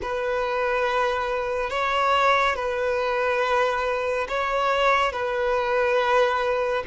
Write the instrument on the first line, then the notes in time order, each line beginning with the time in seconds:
violin
0.02 B4
1.69 C#5
2.55 B4
4.28 C#5
5.12 B4